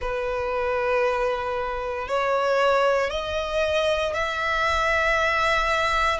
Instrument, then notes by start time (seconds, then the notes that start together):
violin
0.01 B4
2.08 C#5
3.10 D#5
4.14 E5